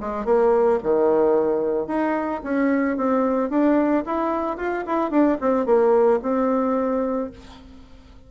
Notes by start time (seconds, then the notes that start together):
0.00 G#3
0.25 A#3
0.83 D#3
1.87 D#4
2.43 C#4
2.97 C4
3.49 D4
4.06 E4
4.57 F4
4.86 E4
5.10 D4
5.41 C4
5.65 A#3
6.22 C4